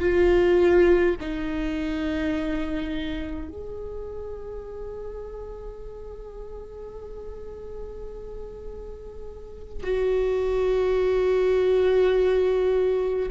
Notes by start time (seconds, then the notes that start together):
0.00 F4
1.21 D#4
3.49 G#4
9.83 F#4